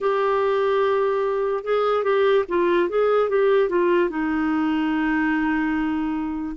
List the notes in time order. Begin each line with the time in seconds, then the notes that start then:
0.00 G4
1.64 G#4
2.03 G4
2.48 F4
2.89 G#4
3.29 G4
3.69 F4
4.09 D#4